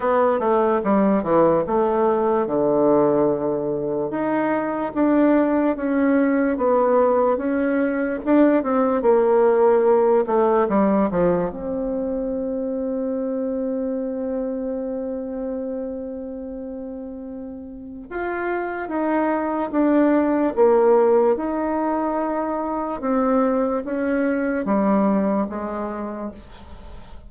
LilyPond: \new Staff \with { instrumentName = "bassoon" } { \time 4/4 \tempo 4 = 73 b8 a8 g8 e8 a4 d4~ | d4 dis'4 d'4 cis'4 | b4 cis'4 d'8 c'8 ais4~ | ais8 a8 g8 f8 c'2~ |
c'1~ | c'2 f'4 dis'4 | d'4 ais4 dis'2 | c'4 cis'4 g4 gis4 | }